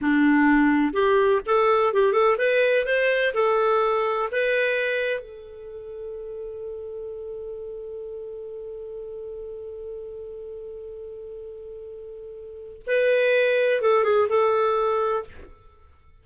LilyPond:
\new Staff \with { instrumentName = "clarinet" } { \time 4/4 \tempo 4 = 126 d'2 g'4 a'4 | g'8 a'8 b'4 c''4 a'4~ | a'4 b'2 a'4~ | a'1~ |
a'1~ | a'1~ | a'2. b'4~ | b'4 a'8 gis'8 a'2 | }